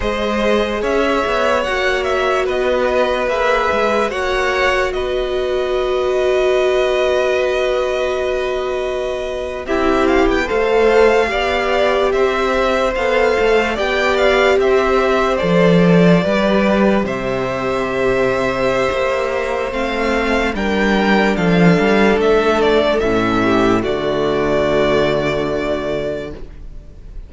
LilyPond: <<
  \new Staff \with { instrumentName = "violin" } { \time 4/4 \tempo 4 = 73 dis''4 e''4 fis''8 e''8 dis''4 | e''4 fis''4 dis''2~ | dis''2.~ dis''8. e''16~ | e''16 f''16 g''16 f''2 e''4 f''16~ |
f''8. g''8 f''8 e''4 d''4~ d''16~ | d''8. e''2.~ e''16 | f''4 g''4 f''4 e''8 d''8 | e''4 d''2. | }
  \new Staff \with { instrumentName = "violin" } { \time 4/4 c''4 cis''2 b'4~ | b'4 cis''4 b'2~ | b'2.~ b'8. g'16~ | g'8. c''4 d''4 c''4~ c''16~ |
c''8. d''4 c''2 b'16~ | b'8. c''2.~ c''16~ | c''4 ais'4 a'2~ | a'8 g'8 fis'2. | }
  \new Staff \with { instrumentName = "viola" } { \time 4/4 gis'2 fis'2 | gis'4 fis'2.~ | fis'2.~ fis'8. e'16~ | e'8. a'4 g'2 a'16~ |
a'8. g'2 a'4 g'16~ | g'1 | c'4 d'2. | cis'4 a2. | }
  \new Staff \with { instrumentName = "cello" } { \time 4/4 gis4 cis'8 b8 ais4 b4 | ais8 gis8 ais4 b2~ | b2.~ b8. c'16~ | c'8 b16 a4 b4 c'4 b16~ |
b16 a8 b4 c'4 f4 g16~ | g8. c2~ c16 ais4 | a4 g4 f8 g8 a4 | a,4 d2. | }
>>